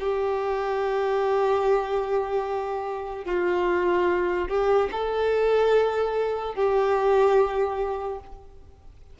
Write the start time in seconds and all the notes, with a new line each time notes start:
0.00 G4
3.26 F4
4.49 G4
4.92 A4
6.55 G4